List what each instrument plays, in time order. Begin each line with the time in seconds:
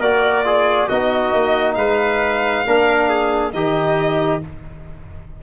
0.00 tuba A#3, trombone F#4, trumpet A#4, violin D5
0.44 trombone F4, trumpet G#4
0.88 tuba B3, trombone D#4, trumpet F#4, violin D#5
1.33 tuba A#3
1.75 tuba G#3, trumpet B4, violin F5
2.66 tuba A#3, trombone D4, trumpet A#4
3.09 trumpet G#4
3.53 tuba D#3, trombone D#4, trumpet G4, violin D#5